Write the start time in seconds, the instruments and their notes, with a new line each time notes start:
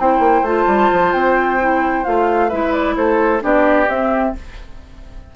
0.00 bassoon C4, clarinet E4, oboe C5, flute G5
0.20 bassoon A#3
0.42 bassoon A3, clarinet F4, flute A5
0.68 bassoon G3
0.92 bassoon F3
1.13 bassoon C4, flute G5
1.60 clarinet E4
2.04 bassoon A3, clarinet F4, flute F5
2.49 bassoon G#3, clarinet E4, oboe B4, flute E5
2.73 flute D5
2.97 bassoon A3, oboe A4, flute C5
3.41 bassoon B3, clarinet D4, oboe G4, flute D5
3.88 bassoon C4, clarinet C4, flute E5